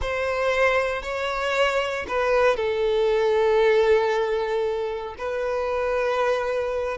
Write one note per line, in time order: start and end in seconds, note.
0.01 1.02 C5
1.02 2.05 C#5
2.08 2.56 B4
2.56 5.15 A4
5.18 6.97 B4